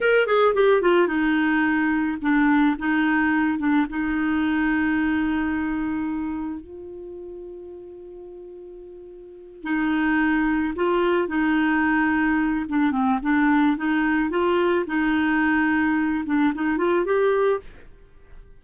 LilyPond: \new Staff \with { instrumentName = "clarinet" } { \time 4/4 \tempo 4 = 109 ais'8 gis'8 g'8 f'8 dis'2 | d'4 dis'4. d'8 dis'4~ | dis'1 | f'1~ |
f'4. dis'2 f'8~ | f'8 dis'2~ dis'8 d'8 c'8 | d'4 dis'4 f'4 dis'4~ | dis'4. d'8 dis'8 f'8 g'4 | }